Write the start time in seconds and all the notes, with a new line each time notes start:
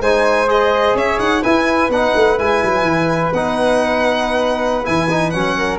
0.00 G#3 D#4 C5 G#5
0.47 G#4 D#5
0.94 C#4 C#5 E5
1.18 D#4 F#5
1.42 E4 B4 G#5
1.89 B3 D#4 F#5
2.14 A3
2.38 G#3 E4 G#5
2.63 F#3
2.81 E3
3.33 B3 D#4 F#5
4.84 E3 E4 G#5
5.10 D#4
5.30 F#3 C#4 F#5
5.57 A#4